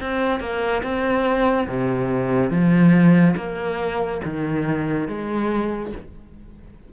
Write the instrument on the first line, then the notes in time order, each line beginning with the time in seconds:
cello
0.00 C4
0.40 A#3
0.83 C4
1.68 C3
2.50 F3
3.36 A#3
4.24 D#3
5.08 G#3